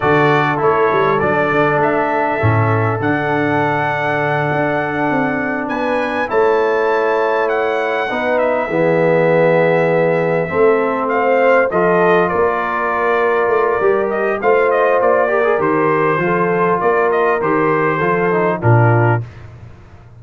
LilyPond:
<<
  \new Staff \with { instrumentName = "trumpet" } { \time 4/4 \tempo 4 = 100 d''4 cis''4 d''4 e''4~ | e''4 fis''2.~ | fis''4. gis''4 a''4.~ | a''8 fis''4. e''2~ |
e''2~ e''8 f''4 dis''8~ | dis''8 d''2. dis''8 | f''8 dis''8 d''4 c''2 | d''8 dis''8 c''2 ais'4 | }
  \new Staff \with { instrumentName = "horn" } { \time 4/4 a'1~ | a'1~ | a'4. b'4 cis''4.~ | cis''4. b'4 gis'4.~ |
gis'4. a'4 c''4 a'8~ | a'8 ais'2.~ ais'8 | c''4. ais'4. a'4 | ais'2 a'4 f'4 | }
  \new Staff \with { instrumentName = "trombone" } { \time 4/4 fis'4 e'4 d'2 | cis'4 d'2.~ | d'2~ d'8 e'4.~ | e'4. dis'4 b4.~ |
b4. c'2 f'8~ | f'2. g'4 | f'4. g'16 gis'16 g'4 f'4~ | f'4 g'4 f'8 dis'8 d'4 | }
  \new Staff \with { instrumentName = "tuba" } { \time 4/4 d4 a8 g8 fis8 d8 a4 | a,4 d2~ d8 d'8~ | d'8 c'4 b4 a4.~ | a4. b4 e4.~ |
e4. a2 f8~ | f8 ais2 a8 g4 | a4 ais4 dis4 f4 | ais4 dis4 f4 ais,4 | }
>>